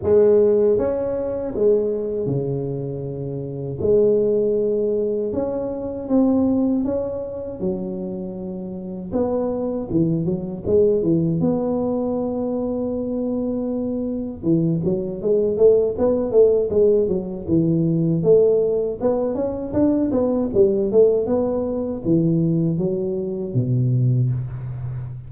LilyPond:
\new Staff \with { instrumentName = "tuba" } { \time 4/4 \tempo 4 = 79 gis4 cis'4 gis4 cis4~ | cis4 gis2 cis'4 | c'4 cis'4 fis2 | b4 e8 fis8 gis8 e8 b4~ |
b2. e8 fis8 | gis8 a8 b8 a8 gis8 fis8 e4 | a4 b8 cis'8 d'8 b8 g8 a8 | b4 e4 fis4 b,4 | }